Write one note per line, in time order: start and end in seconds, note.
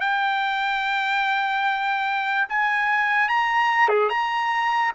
0.00 2.47 G5
2.49 3.28 G#5
3.28 3.88 A#5
3.88 4.09 G#4
4.09 4.91 A#5